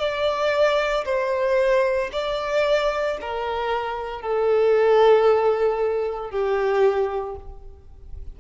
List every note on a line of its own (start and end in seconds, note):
0.00 1.05 D5
1.05 2.11 C5
2.13 3.18 D5
3.22 4.22 A#4
4.22 6.31 A4
6.31 7.36 G4